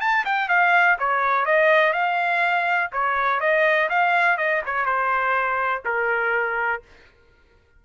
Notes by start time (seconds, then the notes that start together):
0.00 A5
0.25 G5
0.49 F5
0.99 C#5
1.45 D#5
1.93 F5
2.92 C#5
3.40 D#5
3.90 F5
4.37 D#5
4.66 C#5
4.85 C5
5.85 A#4